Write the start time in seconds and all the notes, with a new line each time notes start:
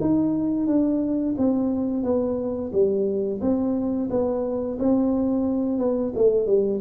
0.00 D#4
0.67 D4
1.37 C4
2.03 B3
2.72 G3
3.41 C4
4.10 B3
4.79 C4
5.78 B3
6.15 A3
6.46 G3